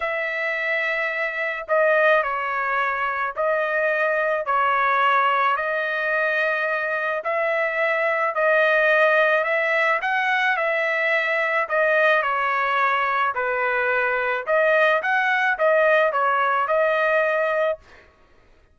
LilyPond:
\new Staff \with { instrumentName = "trumpet" } { \time 4/4 \tempo 4 = 108 e''2. dis''4 | cis''2 dis''2 | cis''2 dis''2~ | dis''4 e''2 dis''4~ |
dis''4 e''4 fis''4 e''4~ | e''4 dis''4 cis''2 | b'2 dis''4 fis''4 | dis''4 cis''4 dis''2 | }